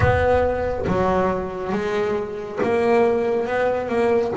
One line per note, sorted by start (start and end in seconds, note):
0.00 0.85 B3
0.87 1.72 F#3
1.72 2.59 G#3
2.62 3.47 A#3
3.47 3.89 B3
3.89 4.32 A#3